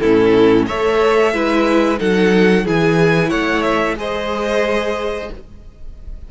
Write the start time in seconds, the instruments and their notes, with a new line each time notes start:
0.00 cello A2, viola C#4, violin E4 A4
0.67 cello A3, viola A4, violin C#5 E5
1.34 cello G#3, viola E4, violin B4
1.98 cello F#3, viola D#4, violin A4 F#5
2.65 cello E3, viola E4, violin G#4 G#5
3.29 cello A3, violin C#5 F#5
3.62 violin E5
3.97 cello G#3, viola G#4, violin C5 D#5